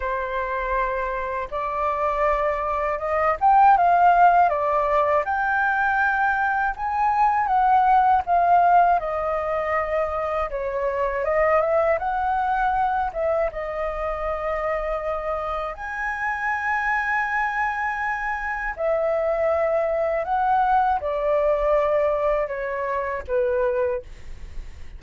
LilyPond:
\new Staff \with { instrumentName = "flute" } { \time 4/4 \tempo 4 = 80 c''2 d''2 | dis''8 g''8 f''4 d''4 g''4~ | g''4 gis''4 fis''4 f''4 | dis''2 cis''4 dis''8 e''8 |
fis''4. e''8 dis''2~ | dis''4 gis''2.~ | gis''4 e''2 fis''4 | d''2 cis''4 b'4 | }